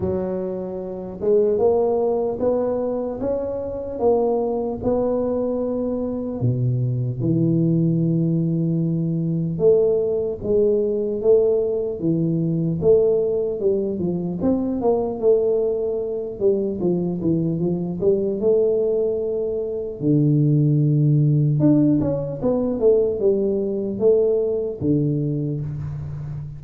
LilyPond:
\new Staff \with { instrumentName = "tuba" } { \time 4/4 \tempo 4 = 75 fis4. gis8 ais4 b4 | cis'4 ais4 b2 | b,4 e2. | a4 gis4 a4 e4 |
a4 g8 f8 c'8 ais8 a4~ | a8 g8 f8 e8 f8 g8 a4~ | a4 d2 d'8 cis'8 | b8 a8 g4 a4 d4 | }